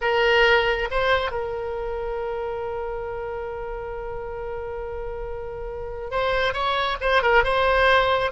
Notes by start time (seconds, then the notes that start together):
0.01 A#4
0.90 C5
1.31 A#4
6.10 C5
6.53 C#5
7.00 C5
7.22 A#4
7.44 C5